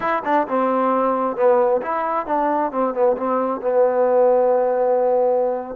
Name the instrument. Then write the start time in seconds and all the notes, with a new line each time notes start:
trombone
0.00 E4
0.24 D4
0.47 C4
1.36 B3
1.81 E4
2.26 D4
2.71 C4
2.93 B3
3.17 C4
3.61 B3